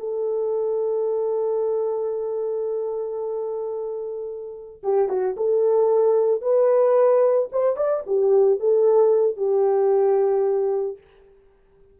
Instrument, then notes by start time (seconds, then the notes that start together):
horn
0.00 A4
4.84 G4
5.09 F#4
5.37 A4
6.42 B4
7.52 C5
7.77 D5
8.07 G4
8.60 A4
9.37 G4